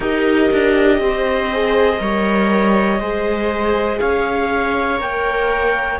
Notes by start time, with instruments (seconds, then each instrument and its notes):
0.00 cello D#4, viola G4 A#4, clarinet D#5
0.52 cello D4
0.98 cello C4, viola C5
1.52 viola G#4
1.97 cello G3, viola A#4 C#5
2.99 cello G#3, viola G#4 C5
3.99 cello C#4, viola C#5, clarinet F5
4.97 cello A#3, viola A#4, clarinet G5